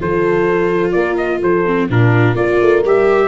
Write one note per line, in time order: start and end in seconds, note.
0.00 0.95 F3
0.00 1.66 F4
0.00 0.94 A4
0.00 0.92 C5
0.92 1.42 A#3
0.92 1.41 A#4
0.92 1.15 D5
1.18 1.41 D#5
1.42 1.90 F3
1.42 1.90 A4
1.42 1.90 C5
1.66 1.90 C4
1.90 2.36 A#2
1.90 2.35 D4
1.90 2.39 F4
1.90 2.36 A#4
2.35 2.59 A#3
2.35 2.83 F4
2.35 3.28 A#4
2.35 2.83 D5
2.62 2.85 A3
2.85 3.28 G3
2.85 3.28 G4
2.85 3.28 E5